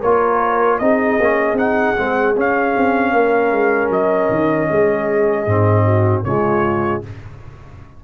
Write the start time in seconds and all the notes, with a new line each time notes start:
0.00 A#3 F4 A#4 C#5
0.79 C4 D#4 G#4 D#5
1.19 A#3 C#4
1.53 C4 D#4 F#5
1.96 G#3 C4
2.36 C#4 F5
2.77 C4
3.12 A#3 A#4
3.52 G#3
3.89 F#3 D#5
4.29 D#3
4.70 G#3 G#4
5.46 G#2 C4
5.84 F#4
6.24 C#3 G#3 F4 C#5